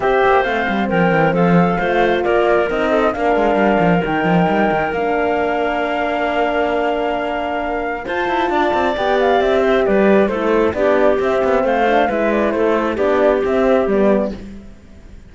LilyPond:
<<
  \new Staff \with { instrumentName = "flute" } { \time 4/4 \tempo 4 = 134 e''4 f''4 g''4 f''4~ | f''4 d''4 dis''4 f''4~ | f''4 g''2 f''4~ | f''1~ |
f''2 a''2 | g''8 f''8 e''4 d''4 c''4 | d''4 e''4 f''4 e''8 d''8 | c''4 d''4 e''4 d''4 | }
  \new Staff \with { instrumentName = "clarinet" } { \time 4/4 c''2 ais'4 a'4 | c''4 ais'4. a'8 ais'4~ | ais'1~ | ais'1~ |
ais'2 c''4 d''4~ | d''4. c''8 b'4 a'4 | g'2 c''4 b'4 | a'4 g'2. | }
  \new Staff \with { instrumentName = "horn" } { \time 4/4 g'4 c'2. | f'2 dis'4 d'4~ | d'4 dis'2 d'4~ | d'1~ |
d'2 f'2 | g'2. e'4 | d'4 c'4. d'8 e'4~ | e'4 d'4 c'4 b4 | }
  \new Staff \with { instrumentName = "cello" } { \time 4/4 c'8 ais8 a8 g8 f8 e8 f4 | a4 ais4 c'4 ais8 gis8 | g8 f8 dis8 f8 g8 dis8 ais4~ | ais1~ |
ais2 f'8 e'8 d'8 c'8 | b4 c'4 g4 a4 | b4 c'8 b8 a4 gis4 | a4 b4 c'4 g4 | }
>>